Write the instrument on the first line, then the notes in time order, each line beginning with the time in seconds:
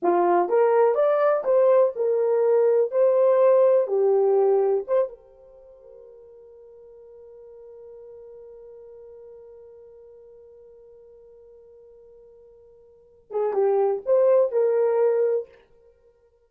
horn
0.02 F4
0.48 A#4
0.94 D5
1.44 C5
1.95 A#4
2.91 C5
3.87 G4
4.87 C5
5.08 A#4
13.31 G#4
13.53 G4
14.05 C5
14.51 A#4